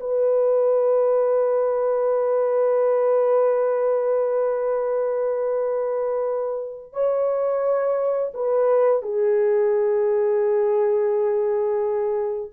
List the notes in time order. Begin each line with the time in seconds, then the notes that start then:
0.00 B4
6.93 C#5
8.34 B4
9.03 G#4